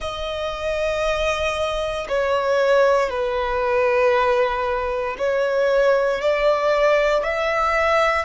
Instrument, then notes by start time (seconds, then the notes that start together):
violin
0.00 D#5
2.08 C#5
3.09 B4
5.17 C#5
6.21 D5
7.23 E5